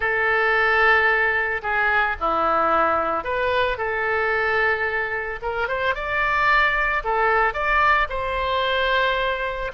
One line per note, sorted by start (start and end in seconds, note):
0.00 1.61 A4
1.62 2.16 G#4
2.19 3.23 E4
3.23 3.77 B4
3.77 5.39 A4
5.42 5.68 A#4
5.68 5.95 C5
5.95 7.03 D5
7.04 7.53 A4
7.53 8.07 D5
8.09 9.71 C5